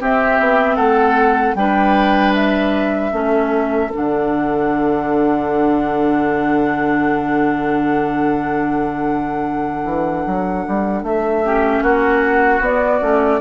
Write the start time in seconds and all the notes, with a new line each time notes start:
0.00 C4 G4 E5
0.39 B3
0.76 A3 A4 F#5
1.55 G3 D4 B4 G5
2.35 E5
3.12 A3 C#4 A4
3.93 D3 D4 F#5
9.85 E3
10.26 F#3
10.68 G3
11.03 A3 E5
11.45 C#4 G4
11.82 A#3 F#4 F#5
12.60 B3 D5
13.01 A3 C#4